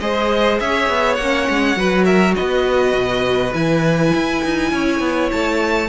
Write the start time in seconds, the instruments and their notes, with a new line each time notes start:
0.00 cello G#3, viola G#4, violin C5 D#5
0.60 cello C#4, violin C#5 E5
0.89 cello B3
1.15 cello A#3, violin F#5
1.22 viola C#4
1.49 cello G#3
1.76 cello F#3, viola F#4, violin B4
2.05 violin A#4 E5
2.36 cello B3, violin B4 D#5
2.94 cello B2
3.53 cello E3, viola E4, violin G#5
4.14 cello E4
4.44 cello D#4
4.71 cello C#4, violin C#5
5.00 cello B3
5.32 cello A3, violin A5